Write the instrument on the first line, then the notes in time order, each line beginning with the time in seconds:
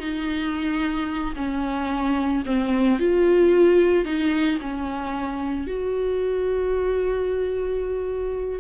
viola
0.00 D#4
1.36 C#4
2.46 C4
2.99 F4
4.05 D#4
4.61 C#4
5.67 F#4